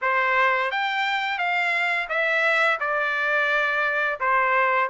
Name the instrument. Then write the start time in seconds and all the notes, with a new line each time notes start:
trumpet
0.01 C5
0.71 G5
1.38 F5
2.09 E5
2.80 D5
4.20 C5